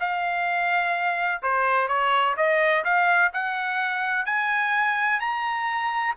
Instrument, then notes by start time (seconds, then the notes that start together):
trumpet
0.00 F5
1.42 C5
1.88 C#5
2.36 D#5
2.84 F5
3.33 F#5
4.26 G#5
5.20 A#5